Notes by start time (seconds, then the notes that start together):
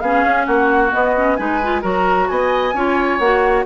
0.00 B3 C#4 G#4 F5
0.24 C#4
0.46 A#3 F#4 F#5
0.91 B3 D#5
1.16 C#4
1.36 G#3 D#4 B4 G#5
1.63 F4
1.82 F#3 F#4 A#4 A#5
2.28 B3 D#5 G#5
2.74 C#4 F4 C#5
3.19 A#3 F#4 F#5